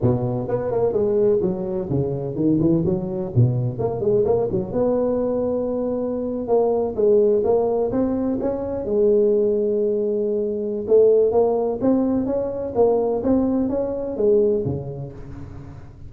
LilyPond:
\new Staff \with { instrumentName = "tuba" } { \time 4/4 \tempo 4 = 127 b,4 b8 ais8 gis4 fis4 | cis4 dis8 e8 fis4 b,4 | ais8 gis8 ais8 fis8 b2~ | b4.~ b16 ais4 gis4 ais16~ |
ais8. c'4 cis'4 gis4~ gis16~ | gis2. a4 | ais4 c'4 cis'4 ais4 | c'4 cis'4 gis4 cis4 | }